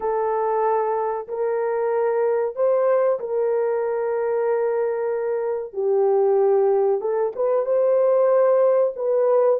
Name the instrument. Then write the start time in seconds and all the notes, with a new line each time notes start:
horn
0.00 A4
1.28 A#4
2.55 C5
3.19 A#4
5.73 G4
7.00 A4
7.35 B4
7.65 C5
8.96 B4